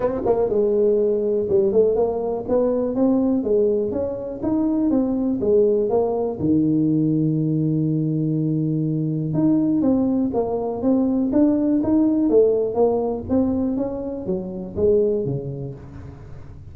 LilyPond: \new Staff \with { instrumentName = "tuba" } { \time 4/4 \tempo 4 = 122 c'8 ais8 gis2 g8 a8 | ais4 b4 c'4 gis4 | cis'4 dis'4 c'4 gis4 | ais4 dis2.~ |
dis2. dis'4 | c'4 ais4 c'4 d'4 | dis'4 a4 ais4 c'4 | cis'4 fis4 gis4 cis4 | }